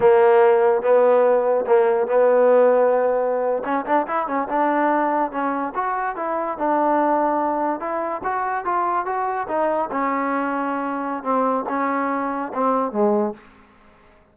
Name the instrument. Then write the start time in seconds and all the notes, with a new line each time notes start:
trombone
0.00 A#3
0.82 B3
1.66 A#3
2.07 B3
3.64 C#4
3.85 D4
4.07 E4
4.27 C#4
4.48 D4
5.31 C#4
5.74 F#4
6.16 E4
6.58 D4
7.80 E4
8.23 F#4
8.65 F4
9.05 F#4
9.48 D#4
9.91 C#4
11.23 C4
11.69 C#4
12.54 C4
12.91 G#3